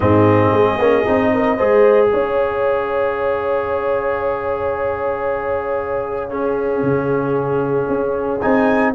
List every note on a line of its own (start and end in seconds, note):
0.00 0.51 G#2
0.00 0.79 C4
0.00 1.32 G#4
0.00 2.07 D#5
0.52 0.77 G#3
0.77 1.04 A#3
0.77 1.05 C#4
1.05 1.59 C4
1.05 1.57 D#4
1.33 1.56 A#4
1.56 2.12 G#3
1.56 6.29 G#4
1.56 2.09 C5
2.07 6.82 C#4
2.07 6.29 C#5
2.07 8.38 F5
6.29 8.40 C#4
6.29 8.92 G#4
6.82 7.87 C#3
7.88 8.41 C#4
8.41 8.94 C4
8.41 8.94 D#4
8.41 8.93 G#5